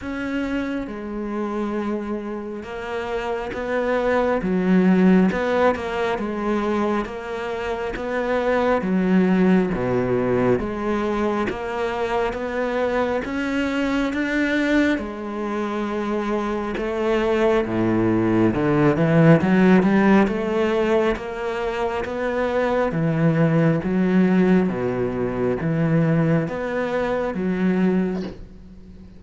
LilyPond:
\new Staff \with { instrumentName = "cello" } { \time 4/4 \tempo 4 = 68 cis'4 gis2 ais4 | b4 fis4 b8 ais8 gis4 | ais4 b4 fis4 b,4 | gis4 ais4 b4 cis'4 |
d'4 gis2 a4 | a,4 d8 e8 fis8 g8 a4 | ais4 b4 e4 fis4 | b,4 e4 b4 fis4 | }